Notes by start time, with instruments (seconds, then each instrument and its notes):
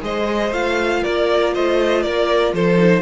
0.00 cello G#3, viola G#4, violin C5 D#5
0.51 cello A3, viola F4, violin F5
1.02 cello A#3, violin A#4 D5
1.54 cello A3, violin C5 D#5
2.02 cello A#3, violin A#4 D5
2.53 cello F3, violin A4 C5
2.77 viola D#4